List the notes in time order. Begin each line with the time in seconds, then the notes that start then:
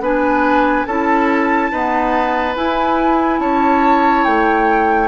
0.00 B3 D4 B4 G#5
0.85 C#4 E4 A4 A5
1.71 B3 D#4 B4
2.55 E4 G#5
3.39 C#4 C#5 A5
4.24 A3 G5